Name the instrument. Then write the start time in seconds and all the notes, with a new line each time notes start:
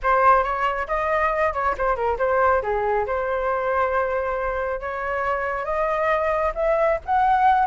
flute
0.03 C5
0.43 C#5
0.87 D#5
1.53 C#5
1.77 C5
1.95 A#4
2.18 C5
2.62 G#4
3.06 C5
4.80 C#5
5.64 D#5
6.55 E5
7.05 F#5